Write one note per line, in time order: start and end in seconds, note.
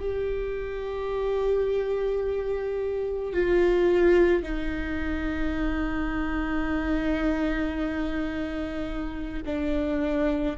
0.00 3.33 G4
3.34 4.43 F4
4.43 9.43 D#4
9.46 10.57 D4